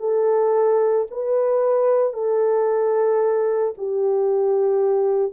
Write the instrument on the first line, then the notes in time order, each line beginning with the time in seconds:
horn
0.00 A4
1.12 B4
2.14 A4
3.78 G4